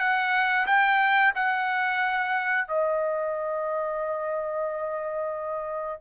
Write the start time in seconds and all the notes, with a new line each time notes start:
0.00 F#5
0.67 G5
1.36 F#5
2.68 D#5